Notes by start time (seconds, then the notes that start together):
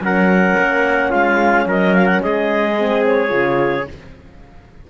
0.00 F#3 C#4 A#4 F#5
0.59 A#3
1.10 G#3 F4 F5
1.65 F#3 A#4 D#5
1.94 F5
2.06 F#5
2.22 G#3 G#4 D#5
2.78 C4
3.05 C#5
3.29 C#3 F4